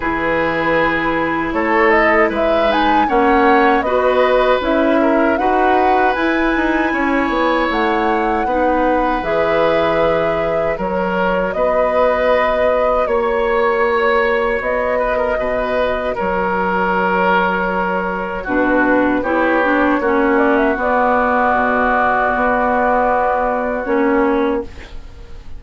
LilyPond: <<
  \new Staff \with { instrumentName = "flute" } { \time 4/4 \tempo 4 = 78 b'2 cis''8 dis''8 e''8 gis''8 | fis''4 dis''4 e''4 fis''4 | gis''2 fis''2 | e''2 cis''4 dis''4~ |
dis''4 cis''2 dis''4~ | dis''4 cis''2. | b'4 cis''4. d''16 e''16 d''4~ | d''2. cis''4 | }
  \new Staff \with { instrumentName = "oboe" } { \time 4/4 gis'2 a'4 b'4 | cis''4 b'4. ais'8 b'4~ | b'4 cis''2 b'4~ | b'2 ais'4 b'4~ |
b'4 cis''2~ cis''8 b'16 ais'16 | b'4 ais'2. | fis'4 g'4 fis'2~ | fis'1 | }
  \new Staff \with { instrumentName = "clarinet" } { \time 4/4 e'2.~ e'8 dis'8 | cis'4 fis'4 e'4 fis'4 | e'2. dis'4 | gis'2 fis'2~ |
fis'1~ | fis'1 | d'4 e'8 d'8 cis'4 b4~ | b2. cis'4 | }
  \new Staff \with { instrumentName = "bassoon" } { \time 4/4 e2 a4 gis4 | ais4 b4 cis'4 dis'4 | e'8 dis'8 cis'8 b8 a4 b4 | e2 fis4 b4~ |
b4 ais2 b4 | b,4 fis2. | b,4 b4 ais4 b4 | b,4 b2 ais4 | }
>>